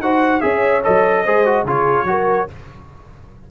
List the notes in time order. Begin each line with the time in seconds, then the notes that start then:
0.00 D#4 F#4 C5 F#5
0.41 C#4 G#4 C#5 E5
0.84 F#3 A4 D#5
1.24 G#3 G#4 C5
1.45 F#4
1.64 C#3 F4 G#4 C#5
2.04 F#3 F#4 A#4